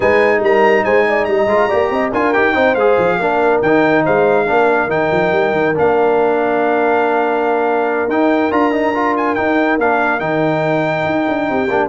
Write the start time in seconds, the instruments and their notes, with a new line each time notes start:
0.00 tuba G#3, trombone D#4, horn B4, trumpet G#5
0.41 tuba G3, horn A#4, trumpet A#5
0.84 tuba G#3, horn C5, trumpet G#5
1.08 horn D5
1.24 tuba G3, horn D#5, trumpet A#5
1.46 tuba G#3, trombone F4
1.68 tuba A#3, trombone G4, horn D5
1.90 tuba C4, horn D#5
2.12 tuba D4, trombone F4, horn A#4, trumpet G#5
2.33 tuba D#4, trombone G4, trumpet G5
2.54 tuba C4, trombone D#4, horn C5
2.74 tuba G#3, trombone G#4, trumpet F5
2.98 tuba F3
3.18 tuba A#3, trombone D4, horn A#4
3.62 tuba D#3, trombone D#4, trumpet G5
4.04 tuba G#3, horn C5, trumpet F5
4.46 tuba A#3, trombone D4, horn A#4
4.88 tuba D#3, trombone D#4, trumpet G5
5.11 tuba F3
5.31 tuba G3
5.52 tuba D#3
5.75 tuba A#3, trombone D4, trumpet F5
8.07 tuba D#4, trombone D#4, trumpet G5
8.51 tuba D4, trombone F4, trumpet A#5
8.72 trombone D#4
8.94 trombone F4
9.16 trumpet G#5
9.35 trombone D#4, tuba D#4, trumpet G5
9.78 tuba A#3, trombone D4, trumpet F5
10.19 tuba D#3, trombone D#4, trumpet G5
11.05 tuba D#4
11.28 tuba D4
11.49 tuba C4, horn G4
11.69 tuba A#3, trombone D4